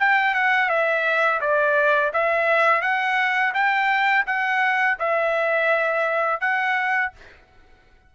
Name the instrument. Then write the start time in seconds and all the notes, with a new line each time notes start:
trumpet
0.00 G5
0.34 F#5
0.69 E5
1.41 D5
2.13 E5
2.82 F#5
3.54 G5
4.27 F#5
5.00 E5
6.41 F#5